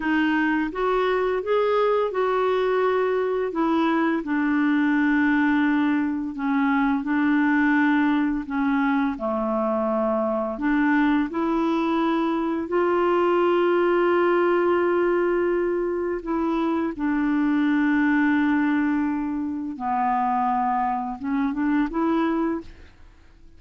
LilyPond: \new Staff \with { instrumentName = "clarinet" } { \time 4/4 \tempo 4 = 85 dis'4 fis'4 gis'4 fis'4~ | fis'4 e'4 d'2~ | d'4 cis'4 d'2 | cis'4 a2 d'4 |
e'2 f'2~ | f'2. e'4 | d'1 | b2 cis'8 d'8 e'4 | }